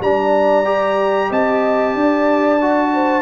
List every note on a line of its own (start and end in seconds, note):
0.00 1.29 G3
0.00 0.65 D4
0.00 1.30 D5
0.00 1.32 A#5
0.65 2.59 G4
1.30 1.95 C4
1.30 1.94 D#5
1.30 3.23 A5
1.95 3.23 D4
1.95 2.92 D5
2.61 3.23 F#4
2.94 3.23 C5